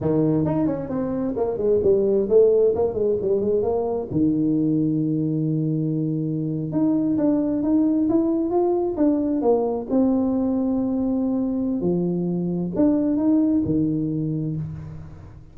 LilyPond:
\new Staff \with { instrumentName = "tuba" } { \time 4/4 \tempo 4 = 132 dis4 dis'8 cis'8 c'4 ais8 gis8 | g4 a4 ais8 gis8 g8 gis8 | ais4 dis2.~ | dis2~ dis8. dis'4 d'16~ |
d'8. dis'4 e'4 f'4 d'16~ | d'8. ais4 c'2~ c'16~ | c'2 f2 | d'4 dis'4 dis2 | }